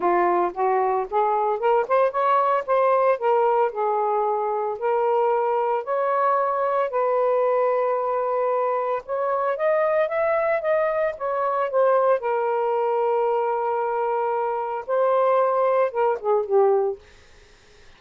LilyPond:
\new Staff \with { instrumentName = "saxophone" } { \time 4/4 \tempo 4 = 113 f'4 fis'4 gis'4 ais'8 c''8 | cis''4 c''4 ais'4 gis'4~ | gis'4 ais'2 cis''4~ | cis''4 b'2.~ |
b'4 cis''4 dis''4 e''4 | dis''4 cis''4 c''4 ais'4~ | ais'1 | c''2 ais'8 gis'8 g'4 | }